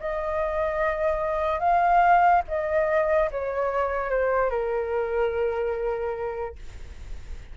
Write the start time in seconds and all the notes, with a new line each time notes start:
0.00 D#5
1.60 F5
2.48 D#5
3.31 C#5
4.10 C5
4.51 A#4